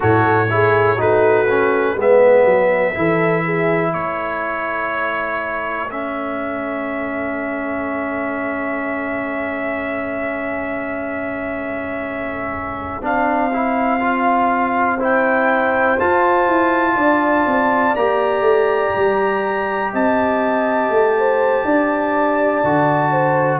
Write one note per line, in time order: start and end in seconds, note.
0.00 1.00 A2
0.00 0.47 F#4
0.00 0.48 A4
0.00 1.00 C#5
0.50 0.97 E4
0.50 0.95 G#4
0.95 1.95 A3
0.95 1.46 D#4
0.95 1.93 F#4
0.95 1.99 B4
1.49 1.97 C#4
1.95 2.44 G#3
1.95 2.94 B3
1.95 2.93 B4
1.95 3.93 E5
2.44 2.93 F#3
2.94 3.93 E3
2.94 5.89 E4
2.94 3.44 A4
3.44 3.91 G#4
3.91 13.01 A3
3.91 14.96 A4
3.91 5.90 C#5
5.90 13.02 C#4
5.90 13.03 E5
13.01 15.96 C4
13.01 13.51 D4
13.01 15.01 F5
13.53 14.00 E4
14.00 14.98 F4
14.96 15.98 E4
14.96 16.93 C5
15.03 15.99 G5
15.99 17.96 F4
15.99 16.46 F4
15.99 17.95 A5
16.46 16.95 E4
16.96 17.45 D4
16.96 19.91 D5
17.46 17.95 C4
17.95 18.41 A#3
17.95 22.64 G4
17.95 19.92 A#5
18.41 18.90 A3
18.95 19.93 G3
19.92 20.89 C4
19.92 21.15 D#5
19.92 23.59 A5
20.89 21.63 A3
21.17 21.65 C5
21.64 22.62 D4
21.64 23.11 D5
22.63 23.59 D3
22.63 23.59 F#4
23.11 23.59 C5